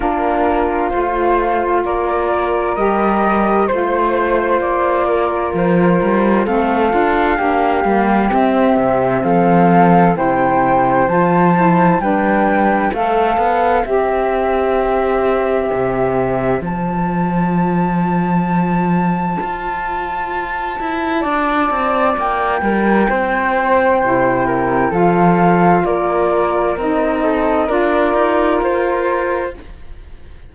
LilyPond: <<
  \new Staff \with { instrumentName = "flute" } { \time 4/4 \tempo 4 = 65 ais'4 c''4 d''4 dis''4 | c''4 d''4 c''4 f''4~ | f''4 e''4 f''4 g''4 | a''4 g''4 f''4 e''4~ |
e''2 a''2~ | a''1 | g''2. f''4 | d''4 dis''4 d''4 c''4 | }
  \new Staff \with { instrumentName = "flute" } { \time 4/4 f'2 ais'2 | c''4. ais'4. a'4 | g'2 a'4 c''4~ | c''4 b'4 c''2~ |
c''1~ | c''2. d''4~ | d''8 ais'8 c''4. ais'8 a'4 | ais'4. a'8 ais'2 | }
  \new Staff \with { instrumentName = "saxophone" } { \time 4/4 d'4 f'2 g'4 | f'2. c'8 f'8 | d'8 ais8 c'2 e'4 | f'8 e'8 d'4 a'4 g'4~ |
g'2 f'2~ | f'1~ | f'2 e'4 f'4~ | f'4 dis'4 f'2 | }
  \new Staff \with { instrumentName = "cello" } { \time 4/4 ais4 a4 ais4 g4 | a4 ais4 f8 g8 a8 d'8 | ais8 g8 c'8 c8 f4 c4 | f4 g4 a8 b8 c'4~ |
c'4 c4 f2~ | f4 f'4. e'8 d'8 c'8 | ais8 g8 c'4 c4 f4 | ais4 c'4 d'8 dis'8 f'4 | }
>>